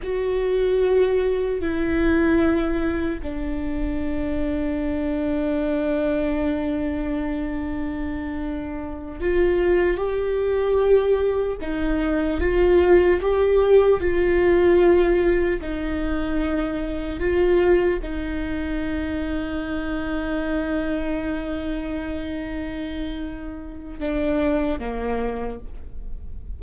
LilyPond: \new Staff \with { instrumentName = "viola" } { \time 4/4 \tempo 4 = 75 fis'2 e'2 | d'1~ | d'2.~ d'8 f'8~ | f'8 g'2 dis'4 f'8~ |
f'8 g'4 f'2 dis'8~ | dis'4. f'4 dis'4.~ | dis'1~ | dis'2 d'4 ais4 | }